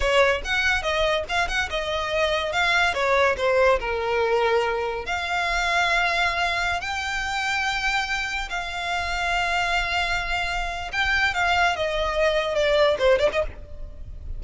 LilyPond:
\new Staff \with { instrumentName = "violin" } { \time 4/4 \tempo 4 = 143 cis''4 fis''4 dis''4 f''8 fis''8 | dis''2 f''4 cis''4 | c''4 ais'2. | f''1~ |
f''16 g''2.~ g''8.~ | g''16 f''2.~ f''8.~ | f''2 g''4 f''4 | dis''2 d''4 c''8 d''16 dis''16 | }